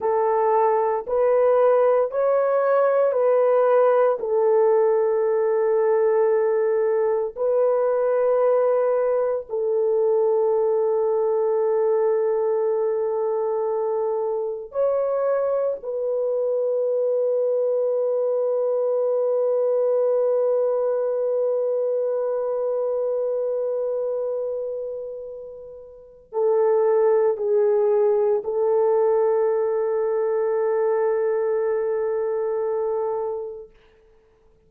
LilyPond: \new Staff \with { instrumentName = "horn" } { \time 4/4 \tempo 4 = 57 a'4 b'4 cis''4 b'4 | a'2. b'4~ | b'4 a'2.~ | a'2 cis''4 b'4~ |
b'1~ | b'1~ | b'4 a'4 gis'4 a'4~ | a'1 | }